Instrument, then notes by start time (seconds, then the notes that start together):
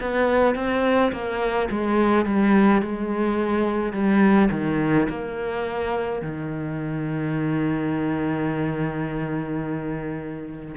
cello
0.00 B3
0.55 C4
1.12 A#3
1.70 G#3
2.25 G3
2.81 G#3
3.92 G3
4.51 D#3
5.09 A#3
6.22 D#3